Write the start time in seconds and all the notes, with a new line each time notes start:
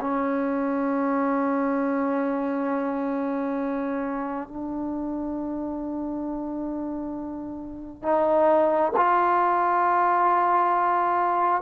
0.00 C#4
4.47 D4
8.02 D#4
8.96 F4